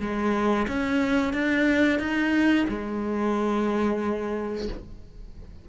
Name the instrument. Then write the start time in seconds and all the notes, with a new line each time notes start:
cello
0.00 G#3
0.68 C#4
1.33 D4
1.99 D#4
2.68 G#3